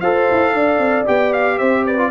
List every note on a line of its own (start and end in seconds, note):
0.00 0.28 F4
0.00 1.06 A4
0.00 0.52 C5
0.00 1.05 F5
0.31 0.53 E4
0.52 0.78 D4
0.52 1.57 D5
0.78 1.05 C4
1.06 1.60 B3
1.06 1.98 G4
1.06 1.33 G5
1.33 1.58 F5
1.58 2.10 C4
1.58 1.84 C5
1.58 1.85 E5
1.85 2.10 B4
1.85 2.10 D5
1.98 2.10 F4